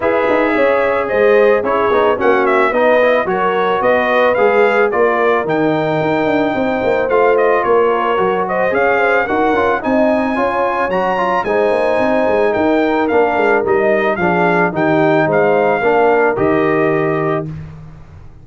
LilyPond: <<
  \new Staff \with { instrumentName = "trumpet" } { \time 4/4 \tempo 4 = 110 e''2 dis''4 cis''4 | fis''8 e''8 dis''4 cis''4 dis''4 | f''4 d''4 g''2~ | g''4 f''8 dis''8 cis''4. dis''8 |
f''4 fis''4 gis''2 | ais''4 gis''2 g''4 | f''4 dis''4 f''4 g''4 | f''2 dis''2 | }
  \new Staff \with { instrumentName = "horn" } { \time 4/4 b'4 cis''4 c''4 gis'4 | fis'4 b'4 ais'4 b'4~ | b'4 ais'2. | c''2 ais'4. c''8 |
cis''8 c''8 ais'4 dis''4 cis''4~ | cis''4 c''2 ais'4~ | ais'2 gis'4 g'4 | c''4 ais'2. | }
  \new Staff \with { instrumentName = "trombone" } { \time 4/4 gis'2. e'8 dis'8 | cis'4 dis'8 e'8 fis'2 | gis'4 f'4 dis'2~ | dis'4 f'2 fis'4 |
gis'4 fis'8 f'8 dis'4 f'4 | fis'8 f'8 dis'2. | d'4 dis'4 d'4 dis'4~ | dis'4 d'4 g'2 | }
  \new Staff \with { instrumentName = "tuba" } { \time 4/4 e'8 dis'8 cis'4 gis4 cis'8 b8 | ais4 b4 fis4 b4 | gis4 ais4 dis4 dis'8 d'8 | c'8 ais8 a4 ais4 fis4 |
cis'4 dis'8 cis'8 c'4 cis'4 | fis4 gis8 ais8 c'8 gis8 dis'4 | ais8 gis8 g4 f4 dis4 | gis4 ais4 dis2 | }
>>